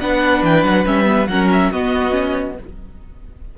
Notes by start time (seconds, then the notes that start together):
0.00 B3 D4 B4 F#5
0.42 E3 G5
0.63 F#3 F#5
0.85 G3 C#4 E5
1.04 B3
1.27 F#3 C#4 A#4 F#5
1.52 E5
1.71 B3 F#4 D#5
2.10 C#4